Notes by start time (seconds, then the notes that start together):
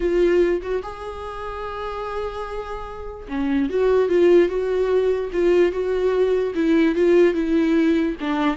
0.00 F4
0.62 F#4
0.82 G#4
3.28 C#4
3.69 F#4
4.08 F4
4.49 F#4
5.32 F4
5.71 F#4
6.54 E4
6.95 F4
7.34 E4
8.20 D4